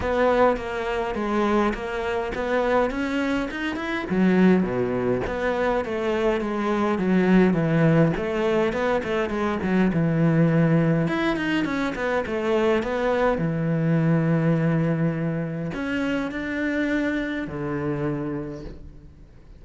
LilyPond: \new Staff \with { instrumentName = "cello" } { \time 4/4 \tempo 4 = 103 b4 ais4 gis4 ais4 | b4 cis'4 dis'8 e'8 fis4 | b,4 b4 a4 gis4 | fis4 e4 a4 b8 a8 |
gis8 fis8 e2 e'8 dis'8 | cis'8 b8 a4 b4 e4~ | e2. cis'4 | d'2 d2 | }